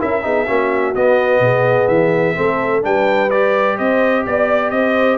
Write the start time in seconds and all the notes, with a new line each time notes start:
0.00 C#4 E4 A#4 E5
0.23 B3 D#4 G#4
0.47 A#3 C#4 F#4
0.96 B3 D#5
1.40 B2 G#4
1.88 E3 E5
2.36 A3 C4 A4
2.82 G3 D4 B4 G5
3.31 G4 D5
3.77 C4 C5 D#5
4.26 B3 D5
4.71 C4 C5 D#5